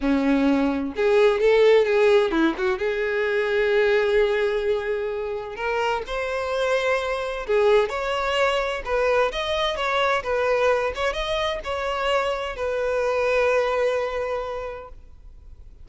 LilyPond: \new Staff \with { instrumentName = "violin" } { \time 4/4 \tempo 4 = 129 cis'2 gis'4 a'4 | gis'4 e'8 fis'8 gis'2~ | gis'1 | ais'4 c''2. |
gis'4 cis''2 b'4 | dis''4 cis''4 b'4. cis''8 | dis''4 cis''2 b'4~ | b'1 | }